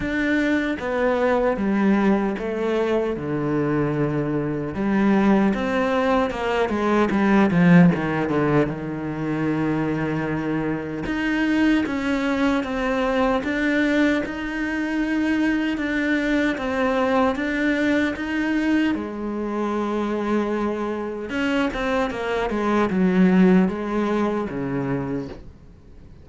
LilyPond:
\new Staff \with { instrumentName = "cello" } { \time 4/4 \tempo 4 = 76 d'4 b4 g4 a4 | d2 g4 c'4 | ais8 gis8 g8 f8 dis8 d8 dis4~ | dis2 dis'4 cis'4 |
c'4 d'4 dis'2 | d'4 c'4 d'4 dis'4 | gis2. cis'8 c'8 | ais8 gis8 fis4 gis4 cis4 | }